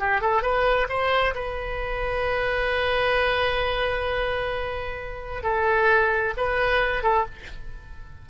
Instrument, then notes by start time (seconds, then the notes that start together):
oboe
0.00 G4
0.21 A4
0.43 B4
0.89 C5
1.35 B4
5.43 A4
6.37 B4
7.03 A4